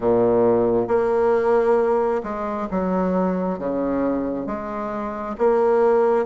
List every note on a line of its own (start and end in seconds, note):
0.00 0.87 A#2
0.87 2.21 A#3
2.23 2.67 G#3
2.71 3.58 F#3
3.58 4.46 C#3
4.46 5.35 G#3
5.38 6.25 A#3